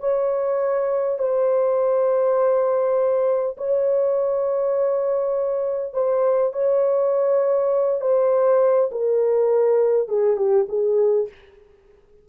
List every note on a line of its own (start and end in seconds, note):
0.00 1.19 C#5
1.19 3.56 C5
3.58 5.94 C#5
5.94 6.53 C5
6.53 8.01 C#5
8.01 8.90 C5
8.92 10.09 A#4
10.09 10.37 G#4
10.37 10.67 G4
10.69 11.28 G#4